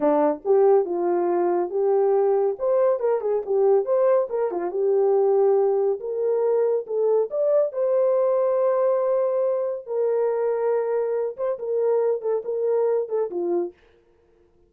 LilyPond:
\new Staff \with { instrumentName = "horn" } { \time 4/4 \tempo 4 = 140 d'4 g'4 f'2 | g'2 c''4 ais'8 gis'8 | g'4 c''4 ais'8 f'8 g'4~ | g'2 ais'2 |
a'4 d''4 c''2~ | c''2. ais'4~ | ais'2~ ais'8 c''8 ais'4~ | ais'8 a'8 ais'4. a'8 f'4 | }